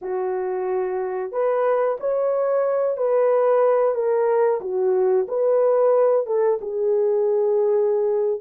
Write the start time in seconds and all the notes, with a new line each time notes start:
0.01 F#4
1.32 B4
1.99 C#5
2.97 B4
3.94 A#4
4.61 F#4
5.27 B4
6.26 A4
6.61 G#4